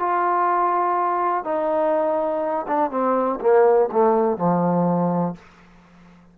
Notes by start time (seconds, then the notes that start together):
0.00 F4
1.45 D#4
2.68 D4
2.91 C4
3.41 A#3
3.92 A3
4.38 F3